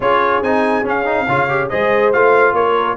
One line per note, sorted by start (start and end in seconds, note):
0.00 0.41 C#4
0.00 0.43 F4
0.00 1.26 G#4
0.00 0.43 C#5
0.41 0.84 C4
0.41 0.84 D#4
0.41 0.85 G#5
0.84 1.05 C#4
0.84 1.27 C#4
0.84 1.69 F5
1.05 1.26 D#4
1.26 1.70 C#3
1.26 1.48 F4
1.26 1.69 C#5
1.48 1.70 G4
1.69 2.14 G#3
1.69 2.13 G#4
1.69 2.55 C5
1.69 2.11 D#5
2.12 2.53 A3
2.12 2.97 F4
2.12 2.54 F5
2.53 2.95 A#3
2.53 2.97 A#4
2.53 2.97 C#5